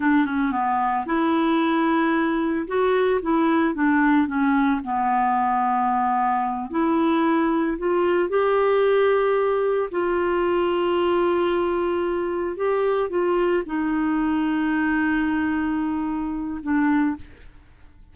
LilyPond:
\new Staff \with { instrumentName = "clarinet" } { \time 4/4 \tempo 4 = 112 d'8 cis'8 b4 e'2~ | e'4 fis'4 e'4 d'4 | cis'4 b2.~ | b8 e'2 f'4 g'8~ |
g'2~ g'8 f'4.~ | f'2.~ f'8 g'8~ | g'8 f'4 dis'2~ dis'8~ | dis'2. d'4 | }